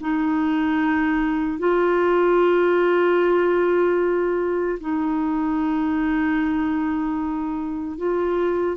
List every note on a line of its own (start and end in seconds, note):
0.00 1.59 D#4
1.59 4.79 F4
4.80 7.97 D#4
7.97 8.77 F4